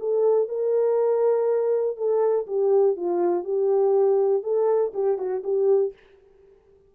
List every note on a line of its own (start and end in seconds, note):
0.00 0.49 A4
0.49 1.97 A#4
1.97 2.47 A4
2.47 2.97 G4
2.97 3.44 F4
3.44 4.44 G4
4.44 4.93 A4
4.94 5.19 G4
5.19 5.43 F#4
5.44 5.94 G4